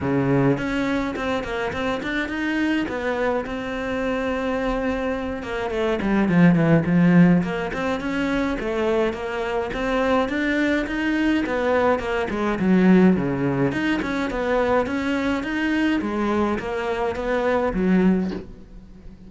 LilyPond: \new Staff \with { instrumentName = "cello" } { \time 4/4 \tempo 4 = 105 cis4 cis'4 c'8 ais8 c'8 d'8 | dis'4 b4 c'2~ | c'4. ais8 a8 g8 f8 e8 | f4 ais8 c'8 cis'4 a4 |
ais4 c'4 d'4 dis'4 | b4 ais8 gis8 fis4 cis4 | dis'8 cis'8 b4 cis'4 dis'4 | gis4 ais4 b4 fis4 | }